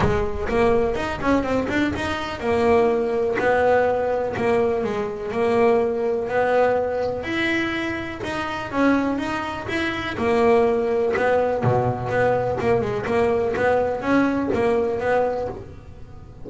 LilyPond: \new Staff \with { instrumentName = "double bass" } { \time 4/4 \tempo 4 = 124 gis4 ais4 dis'8 cis'8 c'8 d'8 | dis'4 ais2 b4~ | b4 ais4 gis4 ais4~ | ais4 b2 e'4~ |
e'4 dis'4 cis'4 dis'4 | e'4 ais2 b4 | b,4 b4 ais8 gis8 ais4 | b4 cis'4 ais4 b4 | }